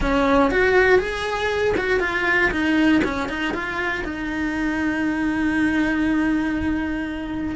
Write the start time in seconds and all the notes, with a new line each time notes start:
0.00 C#4
0.50 F#4
0.98 G#4
1.77 F#4
2.00 F4
2.51 D#4
3.04 C#4
3.29 D#4
3.54 F4
4.04 D#4